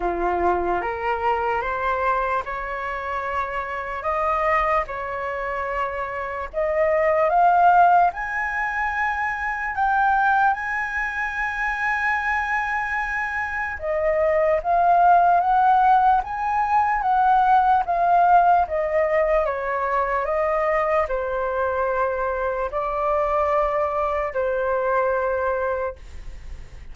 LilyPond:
\new Staff \with { instrumentName = "flute" } { \time 4/4 \tempo 4 = 74 f'4 ais'4 c''4 cis''4~ | cis''4 dis''4 cis''2 | dis''4 f''4 gis''2 | g''4 gis''2.~ |
gis''4 dis''4 f''4 fis''4 | gis''4 fis''4 f''4 dis''4 | cis''4 dis''4 c''2 | d''2 c''2 | }